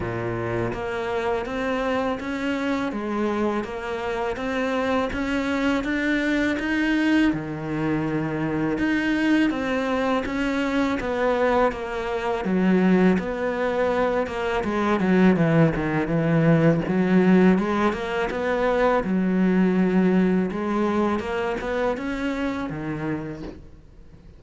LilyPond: \new Staff \with { instrumentName = "cello" } { \time 4/4 \tempo 4 = 82 ais,4 ais4 c'4 cis'4 | gis4 ais4 c'4 cis'4 | d'4 dis'4 dis2 | dis'4 c'4 cis'4 b4 |
ais4 fis4 b4. ais8 | gis8 fis8 e8 dis8 e4 fis4 | gis8 ais8 b4 fis2 | gis4 ais8 b8 cis'4 dis4 | }